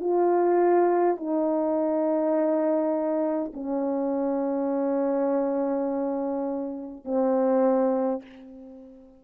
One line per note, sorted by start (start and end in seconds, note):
0.00 1.17 F4
1.17 3.52 D#4
3.53 7.04 C#4
7.04 8.22 C4